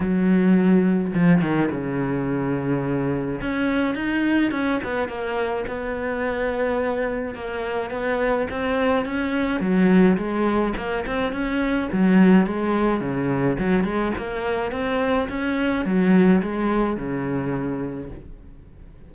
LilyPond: \new Staff \with { instrumentName = "cello" } { \time 4/4 \tempo 4 = 106 fis2 f8 dis8 cis4~ | cis2 cis'4 dis'4 | cis'8 b8 ais4 b2~ | b4 ais4 b4 c'4 |
cis'4 fis4 gis4 ais8 c'8 | cis'4 fis4 gis4 cis4 | fis8 gis8 ais4 c'4 cis'4 | fis4 gis4 cis2 | }